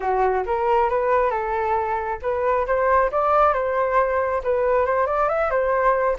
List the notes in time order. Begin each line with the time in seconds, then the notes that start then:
0.00 F#4
0.46 A#4
0.89 B4
1.30 A4
2.22 B4
2.66 C5
3.11 D5
3.53 C5
4.43 B4
4.85 C5
5.06 D5
5.28 E5
5.50 C5